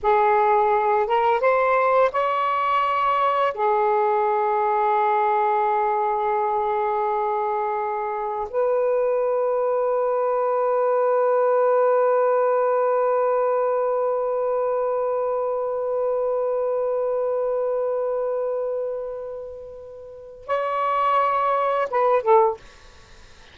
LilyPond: \new Staff \with { instrumentName = "saxophone" } { \time 4/4 \tempo 4 = 85 gis'4. ais'8 c''4 cis''4~ | cis''4 gis'2.~ | gis'1 | b'1~ |
b'1~ | b'1~ | b'1~ | b'4 cis''2 b'8 a'8 | }